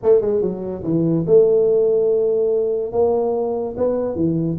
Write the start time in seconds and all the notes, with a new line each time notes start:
0.02 A3
0.21 G#3
0.41 F#3
0.83 E3
1.26 A3
2.92 A#3
3.77 B3
4.15 E3